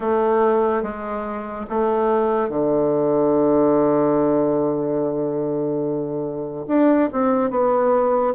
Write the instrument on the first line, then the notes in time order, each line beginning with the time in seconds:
bassoon
0.00 A3
0.83 G#3
1.69 A3
2.48 D3
6.67 D4
7.12 C4
7.50 B3